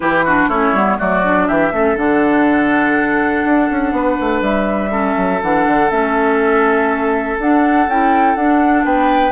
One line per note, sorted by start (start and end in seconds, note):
0.00 0.48 E3
0.00 0.23 E4
0.00 0.24 G4
0.00 0.49 B4
0.24 0.51 D4
0.24 0.48 F#4
0.48 0.72 A3
0.48 0.75 C#4
0.48 0.97 E4
0.48 0.98 C#5
0.73 0.97 G3
0.73 0.98 B3
0.98 1.49 F#3
0.98 1.23 A3
0.98 1.47 F#4
0.98 1.48 D5
1.23 1.72 D4
1.47 1.72 E3
1.47 1.72 G4
1.47 1.97 E5
1.72 1.96 A3
1.72 1.95 C#4
1.72 3.95 A4
1.95 3.44 D3
1.95 4.90 D4
1.95 4.42 F#5
3.44 3.69 D4
3.70 3.92 C#4
3.92 4.16 B3
3.92 4.91 B4
4.20 4.41 A3
4.41 5.14 G3
4.41 5.41 E5
4.90 5.40 C#4
4.90 8.84 A4
5.16 5.41 F#3
5.42 5.66 E3
5.42 5.90 D4
5.42 5.90 F#5
5.66 5.91 D3
5.90 7.38 A3
5.90 7.38 C#4
5.90 7.37 E5
7.38 7.87 D4
7.38 7.88 D4
7.38 7.89 F#5
7.87 8.35 C#4
7.87 8.37 E4
7.87 8.35 G5
8.35 8.84 D4
8.35 9.32 D4
8.35 8.84 F#5
8.84 9.32 B3
8.84 9.32 B4
8.84 9.32 G5